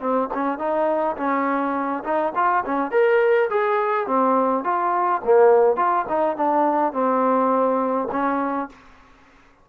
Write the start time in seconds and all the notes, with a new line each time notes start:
0.00 C4
0.34 C#4
0.58 D#4
1.17 C#4
2.04 D#4
2.35 F4
2.65 C#4
2.91 A#4
3.50 G#4
4.07 C4
4.64 F4
5.24 A#3
5.76 F4
6.09 D#4
6.36 D4
6.93 C4
8.12 C#4